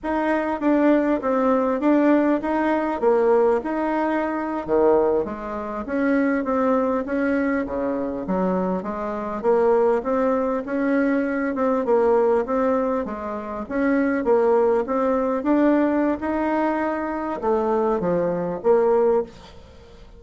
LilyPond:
\new Staff \with { instrumentName = "bassoon" } { \time 4/4 \tempo 4 = 100 dis'4 d'4 c'4 d'4 | dis'4 ais4 dis'4.~ dis'16 dis16~ | dis8. gis4 cis'4 c'4 cis'16~ | cis'8. cis4 fis4 gis4 ais16~ |
ais8. c'4 cis'4. c'8 ais16~ | ais8. c'4 gis4 cis'4 ais16~ | ais8. c'4 d'4~ d'16 dis'4~ | dis'4 a4 f4 ais4 | }